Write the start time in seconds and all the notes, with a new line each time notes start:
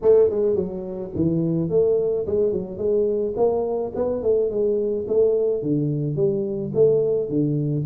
0.02 A3
0.30 G#3
0.55 F#3
1.15 E3
1.69 A3
2.26 G#3
2.52 F#3
2.77 G#3
3.36 A#3
3.95 B3
4.22 A3
4.50 G#3
5.07 A3
5.62 D3
6.16 G3
6.74 A3
7.29 D3